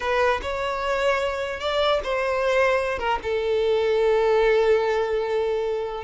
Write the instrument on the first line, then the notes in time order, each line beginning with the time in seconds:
violin
0.00 B4
0.42 C#5
1.60 D5
2.03 C5
2.98 A#4
3.23 A4